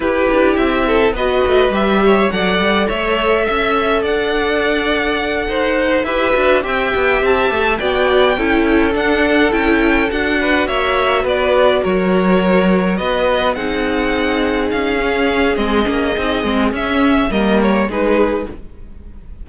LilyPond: <<
  \new Staff \with { instrumentName = "violin" } { \time 4/4 \tempo 4 = 104 b'4 e''4 dis''4 e''4 | fis''4 e''2 fis''4~ | fis''2~ fis''8 e''4 g''8~ | g''8 a''4 g''2 fis''8~ |
fis''8 g''4 fis''4 e''4 d''8~ | d''8 cis''2 dis''4 fis''8~ | fis''4. f''4. dis''4~ | dis''4 e''4 dis''8 cis''8 b'4 | }
  \new Staff \with { instrumentName = "violin" } { \time 4/4 g'4. a'8 b'4. cis''8 | d''4 cis''4 e''4 d''4~ | d''4. c''4 b'4 e''8~ | e''4. d''4 a'4.~ |
a'2 b'8 cis''4 b'8~ | b'8 ais'2 b'4 gis'8~ | gis'1~ | gis'2 ais'4 gis'4 | }
  \new Staff \with { instrumentName = "viola" } { \time 4/4 e'2 fis'4 g'4 | a'1~ | a'2~ a'8 g'8 fis'8 g'8~ | g'4. fis'4 e'4 d'8~ |
d'8 e'4 fis'2~ fis'8~ | fis'2.~ fis'8 dis'8~ | dis'2 cis'4 c'8 cis'8 | dis'8 c'8 cis'4 ais4 dis'4 | }
  \new Staff \with { instrumentName = "cello" } { \time 4/4 e'8 d'8 c'4 b8 a8 g4 | fis8 g8 a4 cis'4 d'4~ | d'4. dis'4 e'8 d'8 c'8 | b8 c'8 a8 b4 cis'4 d'8~ |
d'8 cis'4 d'4 ais4 b8~ | b8 fis2 b4 c'8~ | c'4. cis'4. gis8 ais8 | c'8 gis8 cis'4 g4 gis4 | }
>>